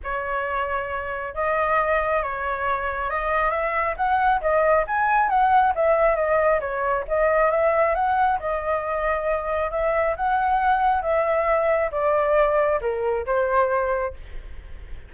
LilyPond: \new Staff \with { instrumentName = "flute" } { \time 4/4 \tempo 4 = 136 cis''2. dis''4~ | dis''4 cis''2 dis''4 | e''4 fis''4 dis''4 gis''4 | fis''4 e''4 dis''4 cis''4 |
dis''4 e''4 fis''4 dis''4~ | dis''2 e''4 fis''4~ | fis''4 e''2 d''4~ | d''4 ais'4 c''2 | }